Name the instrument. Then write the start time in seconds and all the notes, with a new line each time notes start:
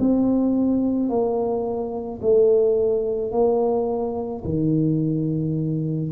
tuba
0.00 C4
1.10 A#3
2.22 A3
3.32 A#3
4.45 D#3